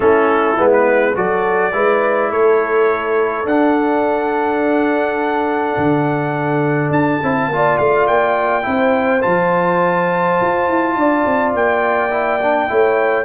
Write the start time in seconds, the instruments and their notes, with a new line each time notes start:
0.00 tuba A3, trombone C#4, horn E4, trumpet A4
0.58 tuba G#3, trombone B3
0.72 trumpet B4
1.14 tuba F#3, trombone F#4, horn A4, trumpet D5
1.72 tuba G#3, trombone E4, horn B4
2.30 tuba A3, horn A4, trumpet C#5
3.44 tuba D4, trombone D4, trumpet F#5
5.77 tuba D3
6.89 tuba D4, trumpet A5
7.23 tuba C4, trombone E4
7.48 tuba A#3, trombone F4
7.54 horn D5
7.78 tuba A3, trumpet F5
8.07 tuba A#3, trumpet G5
8.62 tuba C4, trombone E4, horn C5
9.21 tuba F3, trombone F4, trumpet A5
10.40 tuba F4
10.68 tuba E4
10.96 tuba D4, horn D5
11.25 tuba C4
11.54 tuba A#3, trumpet G5
12.10 trombone E4
12.42 trombone D4
12.68 tuba A3, trombone E4, horn C#5